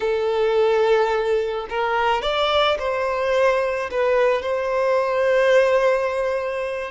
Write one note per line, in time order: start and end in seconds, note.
0.00 1.67 A4
1.69 2.22 A#4
2.22 2.77 D5
2.79 3.90 C5
3.90 4.41 B4
4.41 6.91 C5